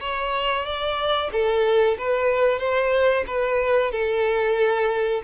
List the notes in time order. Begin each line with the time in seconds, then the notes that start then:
0.00 C#5
0.65 D5
1.32 A4
1.98 B4
2.58 C5
3.27 B4
3.91 A4